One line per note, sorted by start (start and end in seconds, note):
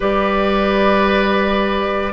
0.00 2.12 G3
0.00 2.12 G4
0.00 2.12 B4
0.00 2.12 D5